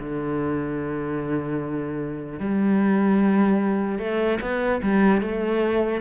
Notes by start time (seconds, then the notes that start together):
0.00 D3
2.40 G3
3.99 A3
4.41 B3
4.83 G3
5.22 A3